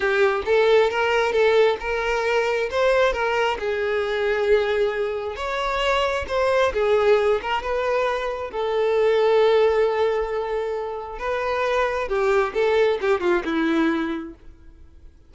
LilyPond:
\new Staff \with { instrumentName = "violin" } { \time 4/4 \tempo 4 = 134 g'4 a'4 ais'4 a'4 | ais'2 c''4 ais'4 | gis'1 | cis''2 c''4 gis'4~ |
gis'8 ais'8 b'2 a'4~ | a'1~ | a'4 b'2 g'4 | a'4 g'8 f'8 e'2 | }